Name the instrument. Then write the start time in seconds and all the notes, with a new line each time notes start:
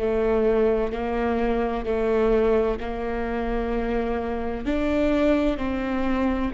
viola
0.00 A3
0.92 A#3
1.86 A3
2.80 A#3
4.66 D4
5.58 C4